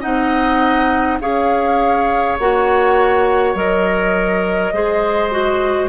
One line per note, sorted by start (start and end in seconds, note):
0.00 1.20 C4
0.00 1.19 D#4
0.00 1.18 D#5
0.00 1.19 F#5
1.20 2.37 C#4
1.20 2.38 G#4
1.20 4.74 C#5
1.20 2.38 F5
2.38 3.54 A#3
2.38 3.56 F#4
2.38 3.55 F#5
3.54 4.72 F#3
3.54 4.73 A#4
3.54 5.88 D#5
4.72 5.88 G#3
4.72 5.31 G#4
4.72 5.88 C5
5.31 5.88 F#4